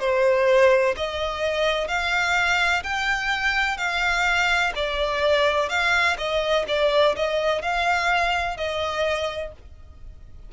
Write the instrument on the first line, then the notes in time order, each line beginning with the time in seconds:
violin
0.00 C5
0.97 D#5
1.88 F5
2.84 G5
3.77 F5
4.75 D5
5.69 F5
6.18 D#5
6.68 D5
7.16 D#5
7.62 F5
8.57 D#5